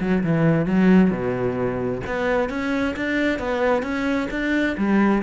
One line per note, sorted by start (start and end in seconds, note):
0.00 0.23 F#3
0.23 0.66 E3
0.66 1.10 F#3
1.10 2.01 B2
2.06 2.49 B3
2.49 2.95 C#4
2.96 3.39 D4
3.39 3.82 B3
3.82 4.28 C#4
4.31 4.76 D4
4.77 5.23 G3